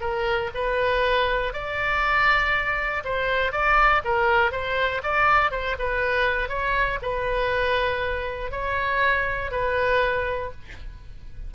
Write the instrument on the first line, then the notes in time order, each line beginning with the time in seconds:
oboe
0.00 A#4
0.54 B4
1.53 D5
3.04 C5
3.52 D5
4.04 A#4
4.51 C5
5.03 D5
5.51 C5
5.78 B4
6.49 C#5
7.02 B4
8.51 C#5
9.51 B4